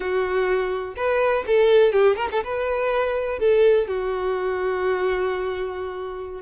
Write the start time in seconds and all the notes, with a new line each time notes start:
0.00 F#4
0.96 B4
1.46 A4
1.92 G4
2.16 A#4
2.31 A4
2.44 B4
3.39 A4
3.87 F#4